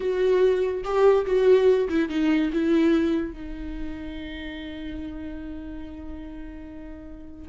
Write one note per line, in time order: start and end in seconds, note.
0.00 0.83 F#4
0.83 1.25 G4
1.26 1.88 F#4
1.89 2.09 E4
2.09 2.50 D#4
2.52 3.32 E4
3.32 7.48 D#4